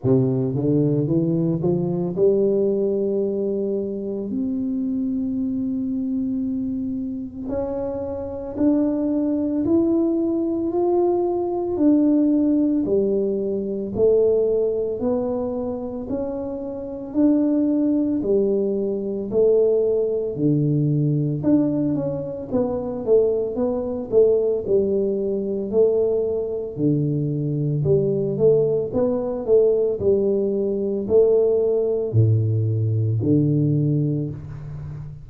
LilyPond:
\new Staff \with { instrumentName = "tuba" } { \time 4/4 \tempo 4 = 56 c8 d8 e8 f8 g2 | c'2. cis'4 | d'4 e'4 f'4 d'4 | g4 a4 b4 cis'4 |
d'4 g4 a4 d4 | d'8 cis'8 b8 a8 b8 a8 g4 | a4 d4 g8 a8 b8 a8 | g4 a4 a,4 d4 | }